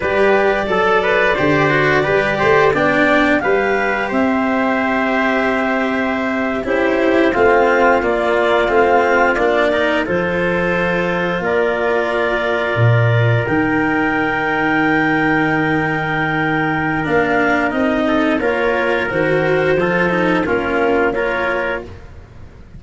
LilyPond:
<<
  \new Staff \with { instrumentName = "clarinet" } { \time 4/4 \tempo 4 = 88 d''1 | g''4 f''4 e''2~ | e''4.~ e''16 c''4 f''4 d''16~ | d''8. f''4 d''4 c''4~ c''16~ |
c''8. d''2. g''16~ | g''1~ | g''4 f''4 dis''4 cis''4 | c''2 ais'4 cis''4 | }
  \new Staff \with { instrumentName = "trumpet" } { \time 4/4 b'4 a'8 b'8 c''4 b'8 c''8 | d''4 b'4 c''2~ | c''4.~ c''16 g'4 f'4~ f'16~ | f'2~ f'16 ais'8 a'4~ a'16~ |
a'8. ais'2.~ ais'16~ | ais'1~ | ais'2~ ais'8 a'8 ais'4~ | ais'4 a'4 f'4 ais'4 | }
  \new Staff \with { instrumentName = "cello" } { \time 4/4 g'4 a'4 g'8 fis'8 g'4 | d'4 g'2.~ | g'4.~ g'16 e'4 c'4 ais16~ | ais8. c'4 d'8 dis'8 f'4~ f'16~ |
f'2.~ f'8. dis'16~ | dis'1~ | dis'4 d'4 dis'4 f'4 | fis'4 f'8 dis'8 cis'4 f'4 | }
  \new Staff \with { instrumentName = "tuba" } { \time 4/4 g4 fis4 d4 g8 a8 | b4 g4 c'2~ | c'4.~ c'16 cis'4 a4 ais16~ | ais8. a4 ais4 f4~ f16~ |
f8. ais2 ais,4 dis16~ | dis1~ | dis4 ais4 c'4 ais4 | dis4 f4 ais2 | }
>>